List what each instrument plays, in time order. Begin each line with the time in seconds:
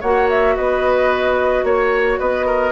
0.00 bassoon A#3, clarinet F#4, oboe C#5, flute F#5
0.29 flute E5
0.56 bassoon B3, oboe B4, flute D#5
1.63 bassoon A#3, flute C#5, oboe C#5
2.19 bassoon B3, oboe B4, flute D#5
2.46 oboe A#4